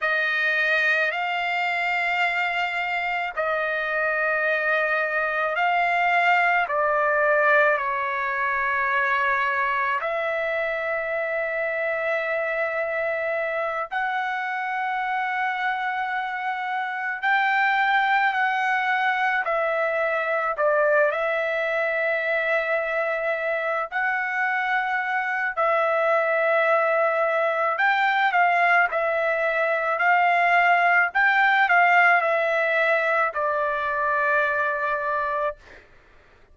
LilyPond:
\new Staff \with { instrumentName = "trumpet" } { \time 4/4 \tempo 4 = 54 dis''4 f''2 dis''4~ | dis''4 f''4 d''4 cis''4~ | cis''4 e''2.~ | e''8 fis''2. g''8~ |
g''8 fis''4 e''4 d''8 e''4~ | e''4. fis''4. e''4~ | e''4 g''8 f''8 e''4 f''4 | g''8 f''8 e''4 d''2 | }